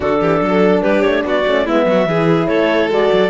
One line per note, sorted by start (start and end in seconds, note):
0.00 0.20 D3
0.00 1.44 D4
0.00 0.20 F#4
0.00 0.82 A4
0.20 0.41 E3
0.20 0.41 G4
0.41 0.82 F#3
0.41 0.82 A4
0.82 1.04 G3
0.82 1.24 G4
0.82 1.02 B4
1.02 1.24 A3
1.02 1.22 C#5
1.24 1.44 B3
1.24 1.65 F#4
1.24 1.68 D5
1.46 1.67 A3
1.46 1.66 C#4
1.65 1.85 G#3
1.65 2.07 B3
1.65 1.86 E4
1.65 2.47 E5
1.85 2.05 F#3
1.85 2.08 F#4
2.05 2.47 E3
2.05 2.90 E4
2.05 2.49 G#4
2.47 2.88 A3
2.47 3.29 A4
2.47 2.88 C#5
2.88 3.09 G#3
2.88 3.29 F#4
2.88 3.29 D5
3.12 3.29 F#3